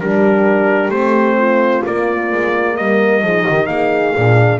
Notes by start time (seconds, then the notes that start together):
0.00 G3 D4 G4 A#4
0.89 A3 C4 C5
1.38 F4
1.86 A#3 D5
2.32 G#3
2.77 G3 A#4 D#5
3.22 F3 D#4 G#4
3.43 G4
3.49 D#3
3.67 A#3 G#4 F5
4.15 A#2 D4